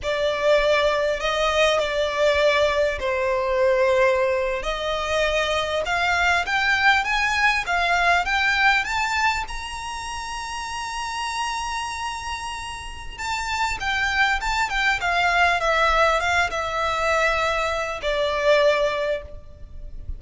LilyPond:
\new Staff \with { instrumentName = "violin" } { \time 4/4 \tempo 4 = 100 d''2 dis''4 d''4~ | d''4 c''2~ c''8. dis''16~ | dis''4.~ dis''16 f''4 g''4 gis''16~ | gis''8. f''4 g''4 a''4 ais''16~ |
ais''1~ | ais''2 a''4 g''4 | a''8 g''8 f''4 e''4 f''8 e''8~ | e''2 d''2 | }